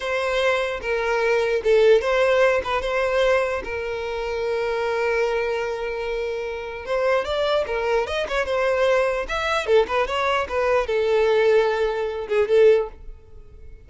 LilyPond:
\new Staff \with { instrumentName = "violin" } { \time 4/4 \tempo 4 = 149 c''2 ais'2 | a'4 c''4. b'8 c''4~ | c''4 ais'2.~ | ais'1~ |
ais'4 c''4 d''4 ais'4 | dis''8 cis''8 c''2 e''4 | a'8 b'8 cis''4 b'4 a'4~ | a'2~ a'8 gis'8 a'4 | }